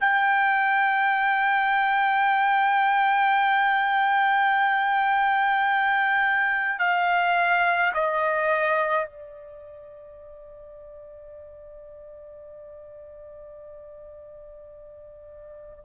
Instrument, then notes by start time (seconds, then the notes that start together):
trumpet
0.00 G5
6.79 F5
7.93 D#5
9.05 D5